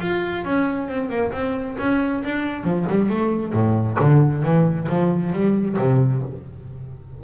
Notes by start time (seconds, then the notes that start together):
0.00 F4
0.44 C#4
0.88 C4
1.09 A#3
1.32 C4
1.78 C#4
2.24 D4
2.63 F3
2.88 G3
3.09 A3
3.53 A2
3.99 D3
4.43 E3
4.89 F3
5.32 G3
5.78 C3